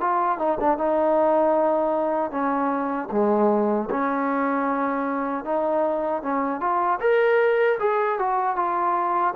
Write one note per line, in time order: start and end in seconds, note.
0.00 0.38 F4
0.38 0.58 D#4
0.60 0.78 D4
0.78 2.31 D#4
2.31 3.09 C#4
3.11 3.89 G#3
3.90 5.44 C#4
5.44 6.22 D#4
6.22 6.60 C#4
6.60 6.99 F4
7.00 7.78 A#4
7.80 8.19 G#4
8.19 8.56 F#4
8.56 9.34 F4